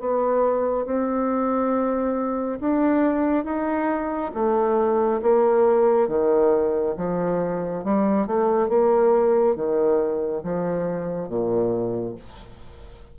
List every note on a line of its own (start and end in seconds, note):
0.00 0.86 B3
0.86 2.60 C4
2.60 3.45 D4
3.45 4.32 D#4
4.34 5.21 A3
5.22 6.09 A#3
6.09 6.96 D#3
6.97 7.84 F3
7.85 8.27 G3
8.27 8.69 A3
8.69 9.56 A#3
9.56 10.43 D#3
10.43 11.29 F3
11.29 12.16 A#2